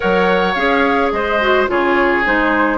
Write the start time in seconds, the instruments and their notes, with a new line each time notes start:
0.00 bassoon F#3, clarinet A#4, oboe C#5, flute F#5
0.54 bassoon C#4, clarinet G#4, flute F5
1.11 bassoon G#3, oboe C5, flute D#5
1.40 clarinet F#4
1.67 bassoon C#3, clarinet F4, oboe G#4, flute C#5
2.24 bassoon G#3, clarinet D#4, flute C5